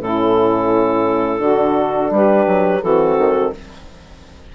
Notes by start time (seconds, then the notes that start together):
0.00 A2 C#4 E4 A4
1.39 D3 D4 F#4
2.10 G3 G4 B4
2.47 F#3
2.82 E3 C4 F#4 A4
3.17 D#3